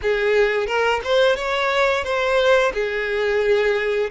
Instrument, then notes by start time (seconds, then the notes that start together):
violin
0.02 G#4
0.67 A#4
1.04 C5
1.36 C#5
2.04 C5
2.73 G#4